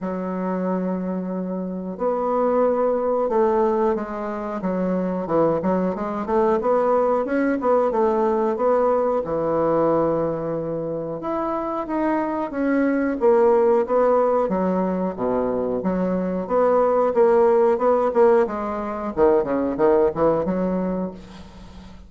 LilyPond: \new Staff \with { instrumentName = "bassoon" } { \time 4/4 \tempo 4 = 91 fis2. b4~ | b4 a4 gis4 fis4 | e8 fis8 gis8 a8 b4 cis'8 b8 | a4 b4 e2~ |
e4 e'4 dis'4 cis'4 | ais4 b4 fis4 b,4 | fis4 b4 ais4 b8 ais8 | gis4 dis8 cis8 dis8 e8 fis4 | }